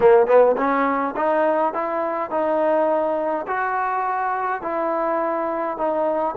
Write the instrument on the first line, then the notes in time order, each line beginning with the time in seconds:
trombone
0.00 A#3
0.26 B3
0.57 C#4
1.16 D#4
1.73 E4
2.30 D#4
3.47 F#4
4.62 E4
5.77 D#4